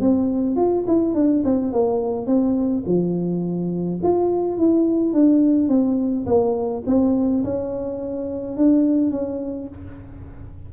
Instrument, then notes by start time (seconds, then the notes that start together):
tuba
0.00 C4
0.56 F4
0.87 E4
1.14 D4
1.44 C4
1.72 A#3
2.26 C4
2.85 F3
4.02 F4
4.57 E4
5.13 D4
5.68 C4
6.26 A#3
6.86 C4
7.44 C#4
8.56 D4
9.11 C#4